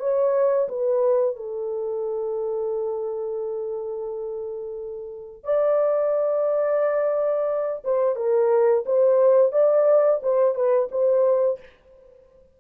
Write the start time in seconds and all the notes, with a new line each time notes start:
0.00 C#5
0.69 B4
1.36 A4
5.44 D5
7.84 C5
8.16 A#4
8.86 C5
9.52 D5
10.23 C5
10.55 B4
10.92 C5